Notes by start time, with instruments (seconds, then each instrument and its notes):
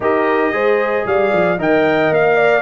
0.00 tuba D#4, trombone G4, horn A#4, trumpet D#5
0.52 tuba G#3, trombone G#4, horn C5
1.06 tuba G3, horn D5, trumpet F5
1.32 tuba F3
1.58 tuba D#3, trombone A#4, horn D#5, trumpet G5
2.10 tuba A#3, trumpet F5
2.36 horn D5